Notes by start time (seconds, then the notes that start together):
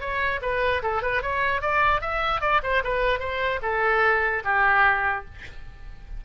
0.00 C#5
0.42 B4
0.82 A4
1.02 B4
1.22 C#5
1.61 D5
2.01 E5
2.41 D5
2.63 C5
2.84 B4
3.19 C5
3.62 A4
4.44 G4